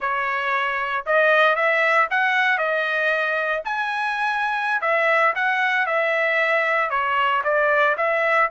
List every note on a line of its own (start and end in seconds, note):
0.00 1.05 C#5
1.06 1.55 D#5
1.55 2.07 E5
2.10 2.58 F#5
2.58 3.62 D#5
3.65 4.81 G#5
4.81 5.33 E5
5.35 5.86 F#5
5.86 6.90 E5
6.90 7.42 C#5
7.43 7.96 D5
7.97 8.49 E5